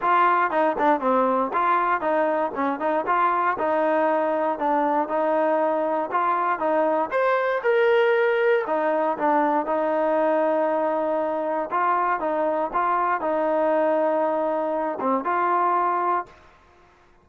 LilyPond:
\new Staff \with { instrumentName = "trombone" } { \time 4/4 \tempo 4 = 118 f'4 dis'8 d'8 c'4 f'4 | dis'4 cis'8 dis'8 f'4 dis'4~ | dis'4 d'4 dis'2 | f'4 dis'4 c''4 ais'4~ |
ais'4 dis'4 d'4 dis'4~ | dis'2. f'4 | dis'4 f'4 dis'2~ | dis'4. c'8 f'2 | }